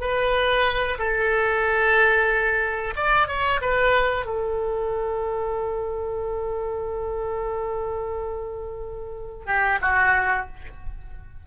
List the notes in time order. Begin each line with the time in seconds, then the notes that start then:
0.00 B4
0.98 A4
2.96 D5
3.28 C#5
3.61 B4
4.25 A4
9.46 G4
9.82 F#4